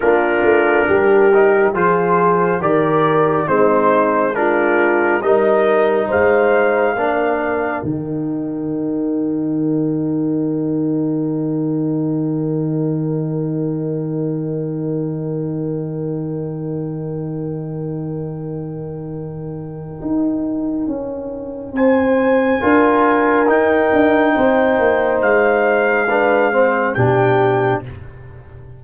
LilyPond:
<<
  \new Staff \with { instrumentName = "trumpet" } { \time 4/4 \tempo 4 = 69 ais'2 c''4 d''4 | c''4 ais'4 dis''4 f''4~ | f''4 g''2.~ | g''1~ |
g''1~ | g''1~ | g''4 gis''2 g''4~ | g''4 f''2 g''4 | }
  \new Staff \with { instrumentName = "horn" } { \time 4/4 f'4 g'4 gis'4 ais'4 | dis'4 f'4 ais'4 c''4 | ais'1~ | ais'1~ |
ais'1~ | ais'1~ | ais'4 c''4 ais'2 | c''2 b'8 c''8 g'4 | }
  \new Staff \with { instrumentName = "trombone" } { \time 4/4 d'4. dis'8 f'4 g'4 | c'4 d'4 dis'2 | d'4 dis'2.~ | dis'1~ |
dis'1~ | dis'1~ | dis'2 f'4 dis'4~ | dis'2 d'8 c'8 d'4 | }
  \new Staff \with { instrumentName = "tuba" } { \time 4/4 ais8 a8 g4 f4 dis4 | gis2 g4 gis4 | ais4 dis2.~ | dis1~ |
dis1~ | dis2. dis'4 | cis'4 c'4 d'4 dis'8 d'8 | c'8 ais8 gis2 b,4 | }
>>